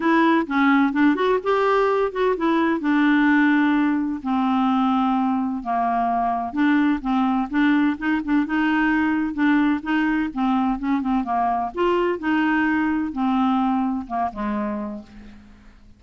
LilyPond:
\new Staff \with { instrumentName = "clarinet" } { \time 4/4 \tempo 4 = 128 e'4 cis'4 d'8 fis'8 g'4~ | g'8 fis'8 e'4 d'2~ | d'4 c'2. | ais2 d'4 c'4 |
d'4 dis'8 d'8 dis'2 | d'4 dis'4 c'4 cis'8 c'8 | ais4 f'4 dis'2 | c'2 ais8 gis4. | }